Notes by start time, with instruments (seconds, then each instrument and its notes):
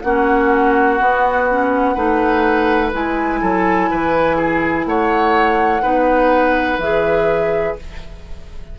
0.00 bassoon A#3, clarinet C#4, oboe F#4, flute F#5
0.99 clarinet B3, bassoon B3
1.50 clarinet C#4
1.94 bassoon A3, clarinet D#4, oboe B4
2.92 bassoon G#3, clarinet E4, flute G#5
3.41 bassoon F#3, oboe A4
3.90 bassoon E3, oboe B4
4.36 oboe G#4
4.85 bassoon A3, oboe C#5, flute F#5
5.81 bassoon B3, clarinet D#4, oboe B4
6.78 bassoon E3, clarinet G#4, flute E5